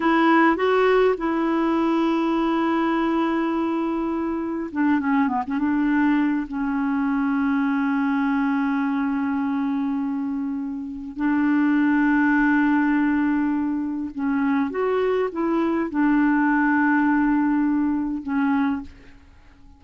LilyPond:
\new Staff \with { instrumentName = "clarinet" } { \time 4/4 \tempo 4 = 102 e'4 fis'4 e'2~ | e'1 | d'8 cis'8 b16 cis'16 d'4. cis'4~ | cis'1~ |
cis'2. d'4~ | d'1 | cis'4 fis'4 e'4 d'4~ | d'2. cis'4 | }